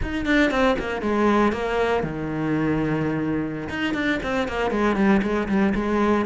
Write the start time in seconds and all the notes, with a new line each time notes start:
0.02 D#4
0.25 D4
0.50 C4
0.78 A#3
1.01 G#3
1.52 A#3
2.03 D#3
3.69 D#4
3.94 D4
4.22 C4
4.47 A#3
4.71 G#3
4.96 G3
5.22 G#3
5.48 G3
5.74 G#3